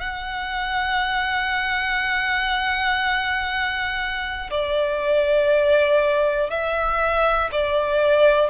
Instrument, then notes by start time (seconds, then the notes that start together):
violin
0.00 F#5
4.50 D5
6.50 E5
7.52 D5